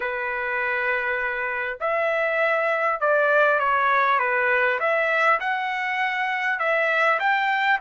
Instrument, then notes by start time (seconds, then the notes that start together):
trumpet
0.00 B4
1.80 E5
3.00 D5
3.59 C#5
4.19 B4
4.79 E5
5.39 F#5
6.59 E5
7.19 G5